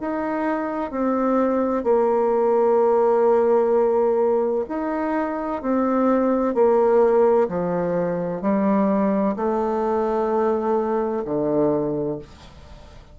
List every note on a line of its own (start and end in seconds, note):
0.00 0.90 D#4
0.90 1.84 C4
1.84 4.65 A#3
4.68 5.62 D#4
5.62 6.54 C4
6.54 7.48 A#3
7.48 8.42 F3
8.42 9.35 G3
9.36 11.23 A3
11.25 12.19 D3